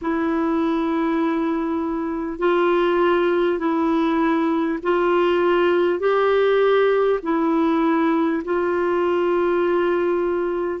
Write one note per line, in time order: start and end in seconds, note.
0.01 2.38 E4
2.38 3.58 F4
3.58 4.78 E4
4.82 5.99 F4
5.99 7.19 G4
7.22 8.42 E4
8.44 10.80 F4